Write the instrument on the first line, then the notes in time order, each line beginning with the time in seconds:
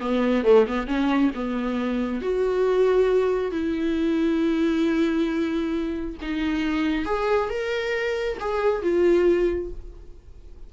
viola
0.00 B3
0.44 A3
0.67 B3
0.87 C#4
1.35 B3
2.22 F#4
3.52 E4
6.22 D#4
7.05 G#4
7.50 A#4
8.40 G#4
8.83 F4